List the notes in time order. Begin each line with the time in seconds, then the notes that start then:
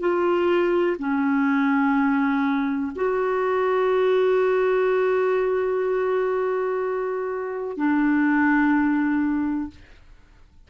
0.00 F4
0.99 C#4
2.96 F#4
7.77 D4